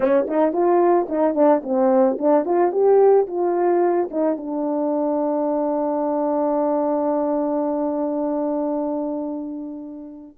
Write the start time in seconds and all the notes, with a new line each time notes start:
0.00 C#4
0.27 D#4
0.52 F4
1.08 D#4
1.34 D4
1.63 C4
2.18 D4
2.45 F4
2.72 G4
3.27 F4
4.11 D#4
4.37 D4